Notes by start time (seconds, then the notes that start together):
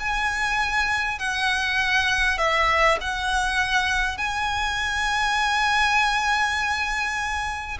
0.00 G#5
1.19 F#5
2.38 E5
3.01 F#5
4.18 G#5